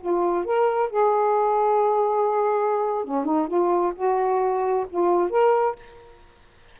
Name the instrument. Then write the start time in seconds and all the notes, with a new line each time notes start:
saxophone
0.00 F4
0.44 A#4
0.89 G#4
3.04 C#4
3.25 D#4
3.47 F4
3.95 F#4
4.90 F4
5.30 A#4